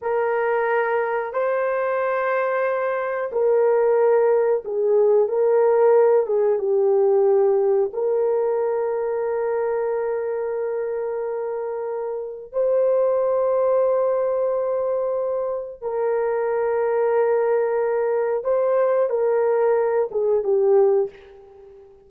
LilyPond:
\new Staff \with { instrumentName = "horn" } { \time 4/4 \tempo 4 = 91 ais'2 c''2~ | c''4 ais'2 gis'4 | ais'4. gis'8 g'2 | ais'1~ |
ais'2. c''4~ | c''1 | ais'1 | c''4 ais'4. gis'8 g'4 | }